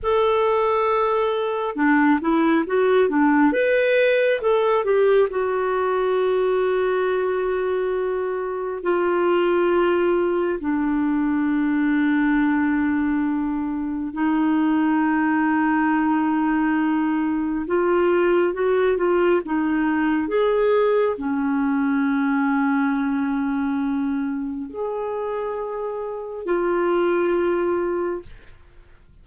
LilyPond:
\new Staff \with { instrumentName = "clarinet" } { \time 4/4 \tempo 4 = 68 a'2 d'8 e'8 fis'8 d'8 | b'4 a'8 g'8 fis'2~ | fis'2 f'2 | d'1 |
dis'1 | f'4 fis'8 f'8 dis'4 gis'4 | cis'1 | gis'2 f'2 | }